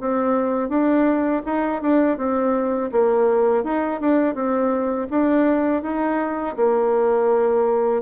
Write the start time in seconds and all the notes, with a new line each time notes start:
0.00 C4
0.69 D4
1.45 D#4
1.82 D4
2.17 C4
2.91 A#3
3.64 D#4
4.00 D4
4.34 C4
5.10 D4
5.82 D#4
6.56 A#3